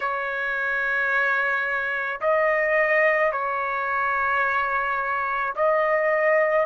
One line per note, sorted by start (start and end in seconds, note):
0.00 2.20 C#5
2.20 3.31 D#5
3.31 5.54 C#5
5.55 6.66 D#5